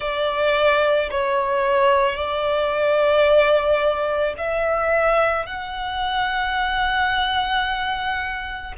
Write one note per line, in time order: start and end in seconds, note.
0.00 1.09 D5
1.11 2.15 C#5
2.15 4.33 D5
4.37 5.45 E5
5.45 8.73 F#5